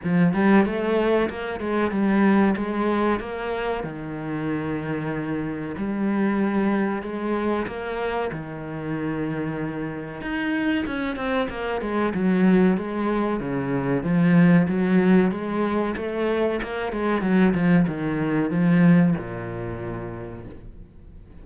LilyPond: \new Staff \with { instrumentName = "cello" } { \time 4/4 \tempo 4 = 94 f8 g8 a4 ais8 gis8 g4 | gis4 ais4 dis2~ | dis4 g2 gis4 | ais4 dis2. |
dis'4 cis'8 c'8 ais8 gis8 fis4 | gis4 cis4 f4 fis4 | gis4 a4 ais8 gis8 fis8 f8 | dis4 f4 ais,2 | }